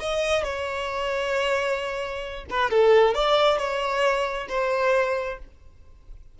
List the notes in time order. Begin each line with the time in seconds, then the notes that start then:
0.00 D#5
0.44 C#5
2.51 B4
2.71 A4
3.15 D5
3.58 C#5
4.49 C5